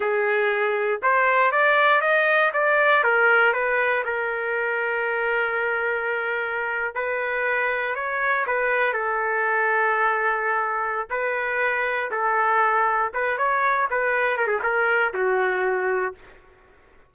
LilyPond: \new Staff \with { instrumentName = "trumpet" } { \time 4/4 \tempo 4 = 119 gis'2 c''4 d''4 | dis''4 d''4 ais'4 b'4 | ais'1~ | ais'4.~ ais'16 b'2 cis''16~ |
cis''8. b'4 a'2~ a'16~ | a'2 b'2 | a'2 b'8 cis''4 b'8~ | b'8 ais'16 gis'16 ais'4 fis'2 | }